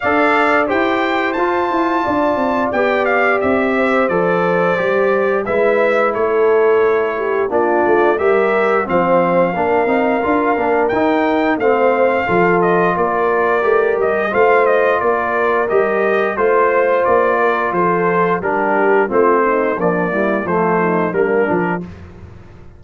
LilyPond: <<
  \new Staff \with { instrumentName = "trumpet" } { \time 4/4 \tempo 4 = 88 f''4 g''4 a''2 | g''8 f''8 e''4 d''2 | e''4 cis''2 d''4 | e''4 f''2. |
g''4 f''4. dis''8 d''4~ | d''8 dis''8 f''8 dis''8 d''4 dis''4 | c''4 d''4 c''4 ais'4 | c''4 d''4 c''4 ais'4 | }
  \new Staff \with { instrumentName = "horn" } { \time 4/4 d''4 c''2 d''4~ | d''4. c''2~ c''8 | b'4 a'4. g'8 f'4 | ais'4 c''4 ais'2~ |
ais'4 c''4 a'4 ais'4~ | ais'4 c''4 ais'2 | c''4. ais'8 a'4 g'4 | f'8 dis'8 d'8 e'8 f'8 dis'8 d'4 | }
  \new Staff \with { instrumentName = "trombone" } { \time 4/4 a'4 g'4 f'2 | g'2 a'4 g'4 | e'2. d'4 | g'4 c'4 d'8 dis'8 f'8 d'8 |
dis'4 c'4 f'2 | g'4 f'2 g'4 | f'2. d'4 | c'4 f8 g8 a4 ais8 d'8 | }
  \new Staff \with { instrumentName = "tuba" } { \time 4/4 d'4 e'4 f'8 e'8 d'8 c'8 | b4 c'4 f4 g4 | gis4 a2 ais8 a8 | g4 f4 ais8 c'8 d'8 ais8 |
dis'4 a4 f4 ais4 | a8 g8 a4 ais4 g4 | a4 ais4 f4 g4 | a4 ais4 f4 g8 f8 | }
>>